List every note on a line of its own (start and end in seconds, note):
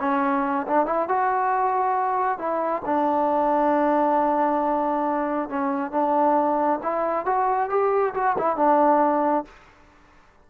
0.00 0.66 C#4
0.67 0.86 D4
0.86 1.08 E4
1.08 2.38 F#4
2.38 2.82 E4
2.85 5.49 D4
5.49 5.91 C#4
5.91 6.79 D4
6.83 7.26 E4
7.26 7.69 F#4
7.69 8.14 G4
8.14 8.36 F#4
8.38 8.56 E4
8.56 9.45 D4